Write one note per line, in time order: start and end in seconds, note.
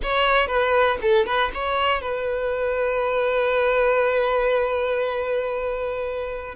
0.03 0.47 C#5
0.47 0.97 B4
1.01 1.26 A4
1.26 1.51 B4
1.54 2.01 C#5
2.01 6.55 B4